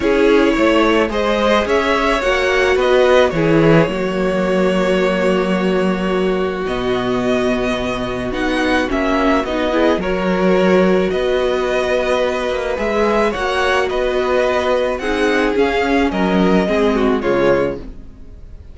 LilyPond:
<<
  \new Staff \with { instrumentName = "violin" } { \time 4/4 \tempo 4 = 108 cis''2 dis''4 e''4 | fis''4 dis''4 cis''2~ | cis''1 | dis''2. fis''4 |
e''4 dis''4 cis''2 | dis''2. e''4 | fis''4 dis''2 fis''4 | f''4 dis''2 cis''4 | }
  \new Staff \with { instrumentName = "violin" } { \time 4/4 gis'4 cis''4 c''4 cis''4~ | cis''4 b'4 gis'4 fis'4~ | fis'1~ | fis'1~ |
fis'4. gis'8 ais'2 | b'1 | cis''4 b'2 gis'4~ | gis'4 ais'4 gis'8 fis'8 f'4 | }
  \new Staff \with { instrumentName = "viola" } { \time 4/4 e'2 gis'2 | fis'2 e'4 ais4~ | ais1 | b2. dis'4 |
cis'4 dis'8 e'8 fis'2~ | fis'2. gis'4 | fis'2. dis'4 | cis'2 c'4 gis4 | }
  \new Staff \with { instrumentName = "cello" } { \time 4/4 cis'4 a4 gis4 cis'4 | ais4 b4 e4 fis4~ | fis1 | b,2. b4 |
ais4 b4 fis2 | b2~ b8 ais8 gis4 | ais4 b2 c'4 | cis'4 fis4 gis4 cis4 | }
>>